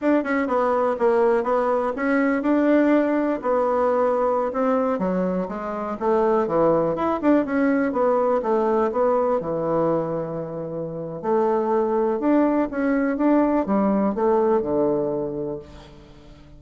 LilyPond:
\new Staff \with { instrumentName = "bassoon" } { \time 4/4 \tempo 4 = 123 d'8 cis'8 b4 ais4 b4 | cis'4 d'2 b4~ | b4~ b16 c'4 fis4 gis8.~ | gis16 a4 e4 e'8 d'8 cis'8.~ |
cis'16 b4 a4 b4 e8.~ | e2. a4~ | a4 d'4 cis'4 d'4 | g4 a4 d2 | }